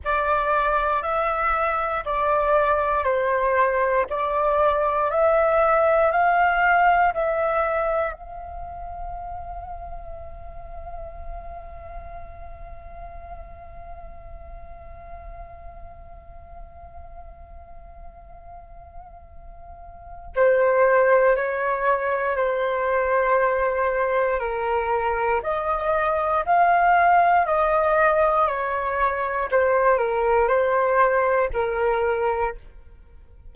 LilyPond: \new Staff \with { instrumentName = "flute" } { \time 4/4 \tempo 4 = 59 d''4 e''4 d''4 c''4 | d''4 e''4 f''4 e''4 | f''1~ | f''1~ |
f''1 | c''4 cis''4 c''2 | ais'4 dis''4 f''4 dis''4 | cis''4 c''8 ais'8 c''4 ais'4 | }